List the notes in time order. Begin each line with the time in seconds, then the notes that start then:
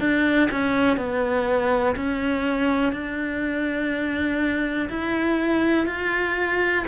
0.00 D4
0.51 C#4
0.97 B3
1.96 C#4
2.93 D4
4.90 E4
5.87 F4